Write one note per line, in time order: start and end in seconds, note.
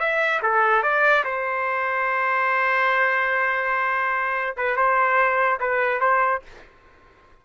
0.00 0.41 E5
0.43 0.83 A4
0.83 1.25 D5
1.25 4.56 C5
4.57 4.77 B4
4.77 5.60 C5
5.61 6.01 B4
6.01 6.42 C5